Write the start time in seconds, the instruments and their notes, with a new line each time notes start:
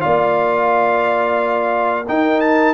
0.00 tuba A#3, trombone F4, horn D5, trumpet F5
2.08 trombone D#4, tuba D#4, horn A#4, trumpet G5
2.40 trumpet A5